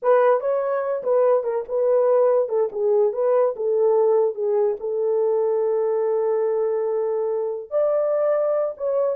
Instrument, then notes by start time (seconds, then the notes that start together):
horn
0.02 B4
0.40 C#5
1.03 B4
1.43 A#4
1.68 B4
2.48 A4
2.72 G#4
3.12 B4
3.55 A4
4.34 G#4
4.80 A4
7.70 D5
8.77 C#5